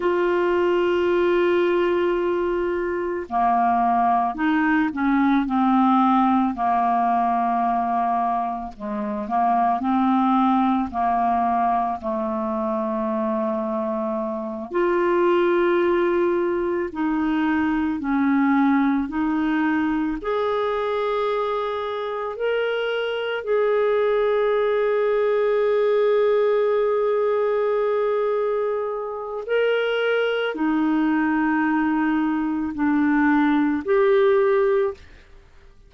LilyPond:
\new Staff \with { instrumentName = "clarinet" } { \time 4/4 \tempo 4 = 55 f'2. ais4 | dis'8 cis'8 c'4 ais2 | gis8 ais8 c'4 ais4 a4~ | a4. f'2 dis'8~ |
dis'8 cis'4 dis'4 gis'4.~ | gis'8 ais'4 gis'2~ gis'8~ | gis'2. ais'4 | dis'2 d'4 g'4 | }